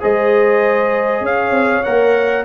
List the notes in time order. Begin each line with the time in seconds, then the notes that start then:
0.00 G#3 G#4 C5 D#5
1.20 C#4 C#5 F5
1.50 C4
1.83 A#3 A#4 F#5